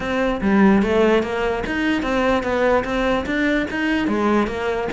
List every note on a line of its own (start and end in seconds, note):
0.00 0.40 C4
0.41 0.82 G3
0.82 1.22 A3
1.22 1.63 A#3
1.66 2.02 D#4
2.02 2.43 C4
2.43 2.83 B3
2.84 3.25 C4
3.26 3.66 D4
3.70 4.07 D#4
4.07 4.47 G#3
4.47 4.88 A#3